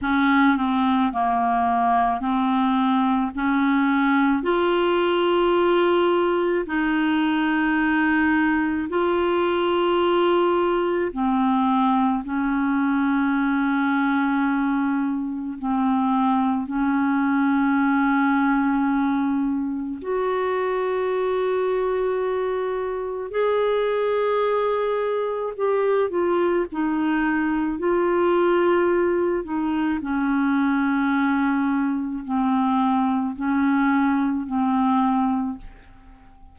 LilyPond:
\new Staff \with { instrumentName = "clarinet" } { \time 4/4 \tempo 4 = 54 cis'8 c'8 ais4 c'4 cis'4 | f'2 dis'2 | f'2 c'4 cis'4~ | cis'2 c'4 cis'4~ |
cis'2 fis'2~ | fis'4 gis'2 g'8 f'8 | dis'4 f'4. dis'8 cis'4~ | cis'4 c'4 cis'4 c'4 | }